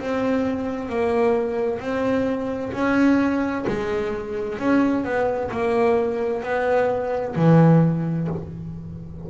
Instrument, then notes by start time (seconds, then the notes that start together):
double bass
0.00 C4
0.89 A#3
1.80 C4
2.73 C#4
3.67 G#3
4.59 C#4
5.04 B3
5.51 A#3
6.43 B3
7.36 E3